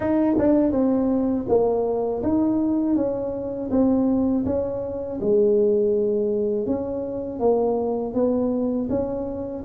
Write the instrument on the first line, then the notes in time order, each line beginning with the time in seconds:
tuba
0.00 D#4
0.38 D4
0.71 C4
1.48 A#3
2.22 D#4
2.96 C#4
3.70 C4
4.45 C#4
5.21 G#3
6.66 C#4
7.39 A#3
8.14 B3
8.89 C#4